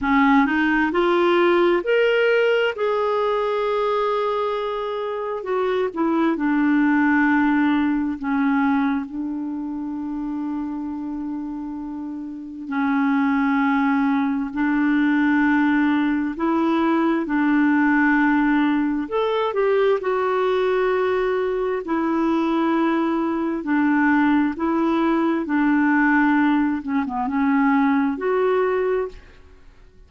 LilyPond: \new Staff \with { instrumentName = "clarinet" } { \time 4/4 \tempo 4 = 66 cis'8 dis'8 f'4 ais'4 gis'4~ | gis'2 fis'8 e'8 d'4~ | d'4 cis'4 d'2~ | d'2 cis'2 |
d'2 e'4 d'4~ | d'4 a'8 g'8 fis'2 | e'2 d'4 e'4 | d'4. cis'16 b16 cis'4 fis'4 | }